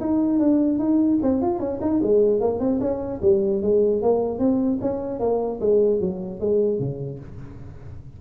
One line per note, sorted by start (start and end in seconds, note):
0.00 0.39 D#4
0.39 0.78 D4
0.78 1.18 D#4
1.22 1.41 C4
1.41 1.59 F4
1.59 1.79 C#4
1.81 2.01 D#4
2.03 2.40 G#3
2.40 2.59 A#3
2.59 2.79 C4
2.80 3.20 C#4
3.22 3.62 G3
3.62 4.02 G#3
4.02 4.38 A#3
4.38 4.78 C4
4.81 5.19 C#4
5.19 5.59 A#3
5.60 6.00 G#3
6.00 6.40 F#3
6.40 6.79 G#3
6.79 7.19 C#3